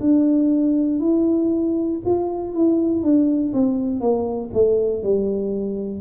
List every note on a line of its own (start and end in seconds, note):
0.00 1.00 D4
1.00 2.00 E4
2.05 2.54 F4
2.54 3.03 E4
3.03 3.53 D4
3.53 4.00 C4
4.00 4.50 A#3
4.54 5.03 A3
5.03 6.01 G3